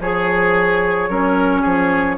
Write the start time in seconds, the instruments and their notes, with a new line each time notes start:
0.00 bassoon F3, oboe G#4, clarinet G#4, flute C#5
1.09 bassoon F#3, clarinet C#4, oboe A#4
1.61 bassoon F3, oboe G#4